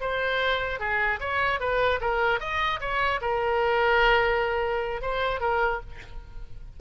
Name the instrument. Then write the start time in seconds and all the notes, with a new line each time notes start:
oboe
0.00 C5
0.79 G#4
1.20 C#5
1.60 B4
2.01 A#4
2.40 D#5
2.80 C#5
3.21 A#4
5.01 C5
5.40 A#4